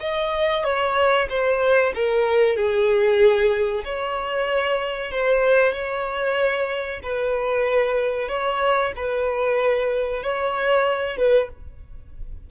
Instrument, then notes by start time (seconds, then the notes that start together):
violin
0.00 D#5
0.64 C#5
1.29 C5
1.95 A#4
2.56 G#4
3.85 C#5
5.11 C5
5.73 C#5
7.03 B4
8.28 C#5
8.96 B4
10.23 C#5
11.17 B4